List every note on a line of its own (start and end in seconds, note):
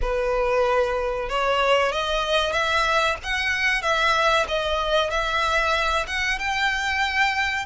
0.01 1.29 B4
1.29 1.92 C#5
1.92 2.52 D#5
2.52 3.16 E5
3.23 3.82 F#5
3.82 4.46 E5
4.48 5.10 D#5
5.10 6.06 E5
6.07 6.38 F#5
6.38 7.65 G5